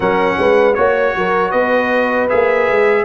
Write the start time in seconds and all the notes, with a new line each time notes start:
0.00 F#3 C#4 A#4 F#5
0.37 G#3 B4
0.74 A#3 F#4 C#5
1.15 F#3 A#4
1.50 B3 B4 D#5
2.29 A#3 G#4 E5
2.70 G#3